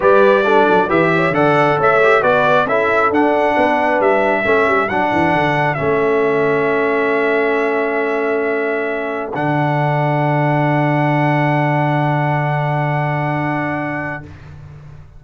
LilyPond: <<
  \new Staff \with { instrumentName = "trumpet" } { \time 4/4 \tempo 4 = 135 d''2 e''4 fis''4 | e''4 d''4 e''4 fis''4~ | fis''4 e''2 fis''4~ | fis''4 e''2.~ |
e''1~ | e''4 fis''2.~ | fis''1~ | fis''1 | }
  \new Staff \with { instrumentName = "horn" } { \time 4/4 b'4 a'4 b'8 cis''8 d''4 | cis''4 b'4 a'2 | b'2 a'2~ | a'1~ |
a'1~ | a'1~ | a'1~ | a'1 | }
  \new Staff \with { instrumentName = "trombone" } { \time 4/4 g'4 d'4 g'4 a'4~ | a'8 g'8 fis'4 e'4 d'4~ | d'2 cis'4 d'4~ | d'4 cis'2.~ |
cis'1~ | cis'4 d'2.~ | d'1~ | d'1 | }
  \new Staff \with { instrumentName = "tuba" } { \time 4/4 g4. fis8 e4 d4 | a4 b4 cis'4 d'4 | b4 g4 a8 g8 fis8 e8 | d4 a2.~ |
a1~ | a4 d2.~ | d1~ | d1 | }
>>